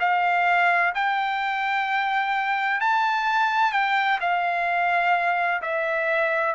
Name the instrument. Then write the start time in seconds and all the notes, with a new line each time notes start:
trumpet
0.00 F5
0.95 G5
2.81 A5
3.72 G5
4.21 F5
5.62 E5